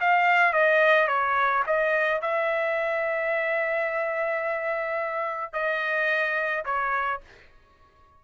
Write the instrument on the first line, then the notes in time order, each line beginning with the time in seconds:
trumpet
0.00 F5
0.53 D#5
1.08 C#5
1.67 D#5
2.21 E5
5.53 D#5
6.65 C#5